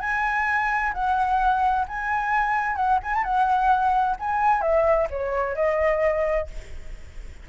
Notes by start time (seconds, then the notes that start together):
0.00 G#5
0.93 F#5
1.88 G#5
2.76 F#5
3.03 G#5
3.14 A5
3.24 F#5
4.19 G#5
4.61 E5
5.10 C#5
5.55 D#5